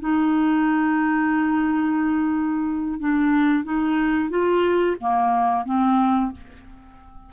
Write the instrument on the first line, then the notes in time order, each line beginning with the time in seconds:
clarinet
0.00 D#4
3.00 D4
3.64 D#4
4.29 F4
5.00 A#3
5.65 C4